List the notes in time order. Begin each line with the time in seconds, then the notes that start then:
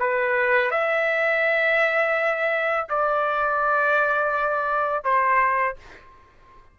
0.00 B4
0.71 E5
2.89 D5
5.04 C5